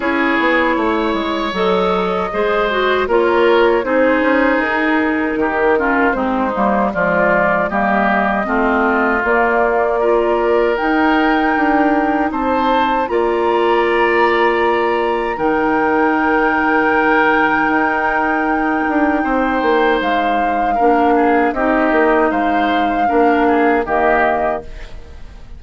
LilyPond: <<
  \new Staff \with { instrumentName = "flute" } { \time 4/4 \tempo 4 = 78 cis''2 dis''2 | cis''4 c''4 ais'2 | c''4 d''4 dis''2 | d''2 g''2 |
a''4 ais''2. | g''1~ | g''2 f''2 | dis''4 f''2 dis''4 | }
  \new Staff \with { instrumentName = "oboe" } { \time 4/4 gis'4 cis''2 c''4 | ais'4 gis'2 g'8 f'8 | dis'4 f'4 g'4 f'4~ | f'4 ais'2. |
c''4 d''2. | ais'1~ | ais'4 c''2 ais'8 gis'8 | g'4 c''4 ais'8 gis'8 g'4 | }
  \new Staff \with { instrumentName = "clarinet" } { \time 4/4 e'2 a'4 gis'8 fis'8 | f'4 dis'2~ dis'8 cis'8 | c'8 ais8 gis4 ais4 c'4 | ais4 f'4 dis'2~ |
dis'4 f'2. | dis'1~ | dis'2. d'4 | dis'2 d'4 ais4 | }
  \new Staff \with { instrumentName = "bassoon" } { \time 4/4 cis'8 b8 a8 gis8 fis4 gis4 | ais4 c'8 cis'8 dis'4 dis4 | gis8 g8 f4 g4 a4 | ais2 dis'4 d'4 |
c'4 ais2. | dis2. dis'4~ | dis'8 d'8 c'8 ais8 gis4 ais4 | c'8 ais8 gis4 ais4 dis4 | }
>>